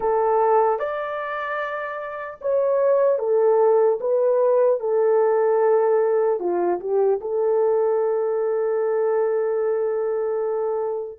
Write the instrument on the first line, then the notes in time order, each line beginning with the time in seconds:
horn
0.00 A4
0.79 D5
2.41 C#5
3.19 A4
4.00 B4
4.80 A4
6.39 F4
6.80 G4
7.20 A4